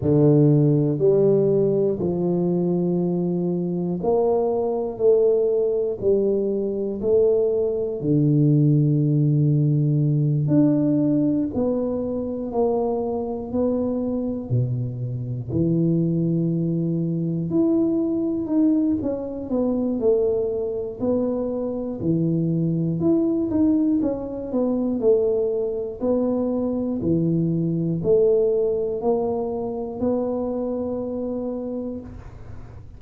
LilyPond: \new Staff \with { instrumentName = "tuba" } { \time 4/4 \tempo 4 = 60 d4 g4 f2 | ais4 a4 g4 a4 | d2~ d8 d'4 b8~ | b8 ais4 b4 b,4 e8~ |
e4. e'4 dis'8 cis'8 b8 | a4 b4 e4 e'8 dis'8 | cis'8 b8 a4 b4 e4 | a4 ais4 b2 | }